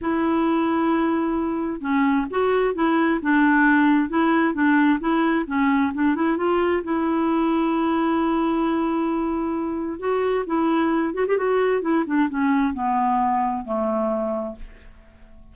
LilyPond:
\new Staff \with { instrumentName = "clarinet" } { \time 4/4 \tempo 4 = 132 e'1 | cis'4 fis'4 e'4 d'4~ | d'4 e'4 d'4 e'4 | cis'4 d'8 e'8 f'4 e'4~ |
e'1~ | e'2 fis'4 e'4~ | e'8 fis'16 g'16 fis'4 e'8 d'8 cis'4 | b2 a2 | }